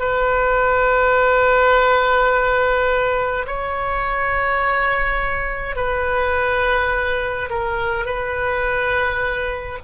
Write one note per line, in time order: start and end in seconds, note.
0.00 3.46 B4
3.47 5.76 C#5
5.76 7.49 B4
7.50 8.06 A#4
8.06 9.79 B4